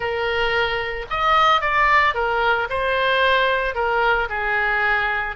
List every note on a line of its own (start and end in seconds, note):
0.00 1.06 A#4
1.10 1.61 D#5
1.61 2.14 D5
2.14 2.68 A#4
2.69 3.75 C5
3.75 4.28 A#4
4.29 5.36 G#4